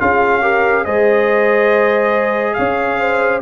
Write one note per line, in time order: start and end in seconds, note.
0.00 0.86 C#4
0.00 0.42 F4
0.00 0.42 G#4
0.00 0.85 F5
0.42 0.85 G4
0.42 0.85 A#4
0.85 2.58 G#3
0.85 3.42 G#4
0.85 2.57 C5
0.85 2.54 D#5
2.54 3.42 C#4
2.54 3.00 C#5
2.54 3.40 F5
3.00 3.42 C5